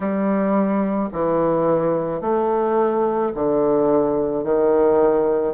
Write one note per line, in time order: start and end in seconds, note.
0.00 1.09 G3
1.12 2.21 E3
2.21 3.32 A3
3.34 4.43 D3
4.43 5.54 D#3